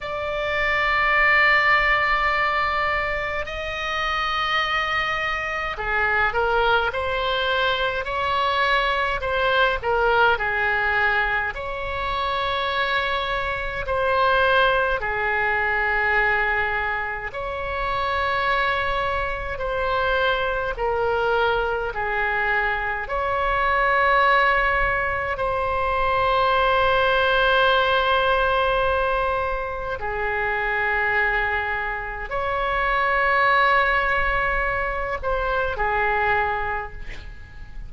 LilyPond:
\new Staff \with { instrumentName = "oboe" } { \time 4/4 \tempo 4 = 52 d''2. dis''4~ | dis''4 gis'8 ais'8 c''4 cis''4 | c''8 ais'8 gis'4 cis''2 | c''4 gis'2 cis''4~ |
cis''4 c''4 ais'4 gis'4 | cis''2 c''2~ | c''2 gis'2 | cis''2~ cis''8 c''8 gis'4 | }